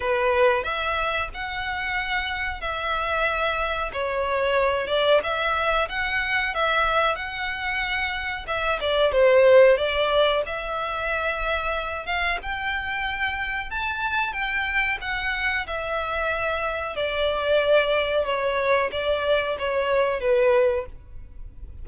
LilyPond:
\new Staff \with { instrumentName = "violin" } { \time 4/4 \tempo 4 = 92 b'4 e''4 fis''2 | e''2 cis''4. d''8 | e''4 fis''4 e''4 fis''4~ | fis''4 e''8 d''8 c''4 d''4 |
e''2~ e''8 f''8 g''4~ | g''4 a''4 g''4 fis''4 | e''2 d''2 | cis''4 d''4 cis''4 b'4 | }